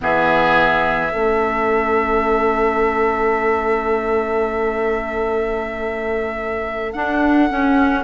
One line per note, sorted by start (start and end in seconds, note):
0.01 1.12 E3
0.01 1.08 B3
0.01 1.12 G#4
0.01 6.93 E5
1.08 6.94 A3
1.08 6.91 C#4
1.08 8.04 A4
6.93 7.49 D4
6.93 7.50 D4
6.93 8.04 F#5
7.49 8.04 C#4